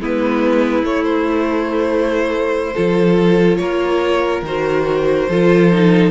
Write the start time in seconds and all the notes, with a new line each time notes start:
0.00 G#3 B3 E4 B4
0.83 A3 C#5
1.04 C5
2.75 F3 F4 A4
3.57 A#3 A#4 C#5
4.43 D#3 F#4 C5
5.30 F3 F4 A4
5.73 D#4